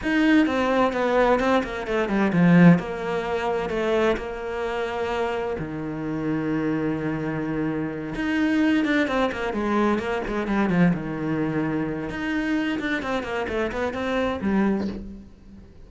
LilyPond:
\new Staff \with { instrumentName = "cello" } { \time 4/4 \tempo 4 = 129 dis'4 c'4 b4 c'8 ais8 | a8 g8 f4 ais2 | a4 ais2. | dis1~ |
dis4. dis'4. d'8 c'8 | ais8 gis4 ais8 gis8 g8 f8 dis8~ | dis2 dis'4. d'8 | c'8 ais8 a8 b8 c'4 g4 | }